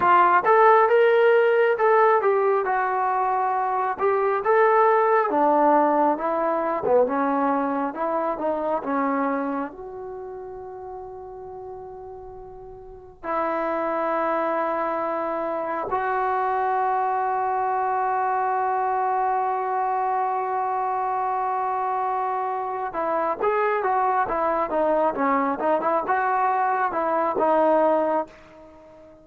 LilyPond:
\new Staff \with { instrumentName = "trombone" } { \time 4/4 \tempo 4 = 68 f'8 a'8 ais'4 a'8 g'8 fis'4~ | fis'8 g'8 a'4 d'4 e'8. b16 | cis'4 e'8 dis'8 cis'4 fis'4~ | fis'2. e'4~ |
e'2 fis'2~ | fis'1~ | fis'2 e'8 gis'8 fis'8 e'8 | dis'8 cis'8 dis'16 e'16 fis'4 e'8 dis'4 | }